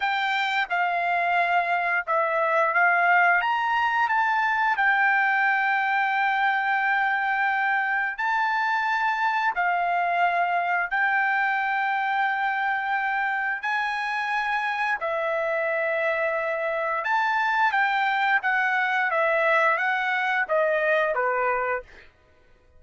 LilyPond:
\new Staff \with { instrumentName = "trumpet" } { \time 4/4 \tempo 4 = 88 g''4 f''2 e''4 | f''4 ais''4 a''4 g''4~ | g''1 | a''2 f''2 |
g''1 | gis''2 e''2~ | e''4 a''4 g''4 fis''4 | e''4 fis''4 dis''4 b'4 | }